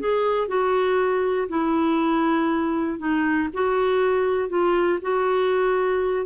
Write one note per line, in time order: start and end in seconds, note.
0.00 0.48 G#4
0.48 1.48 F#4
1.49 2.99 E4
2.99 3.49 D#4
3.54 4.50 F#4
4.50 5.00 F4
5.02 6.26 F#4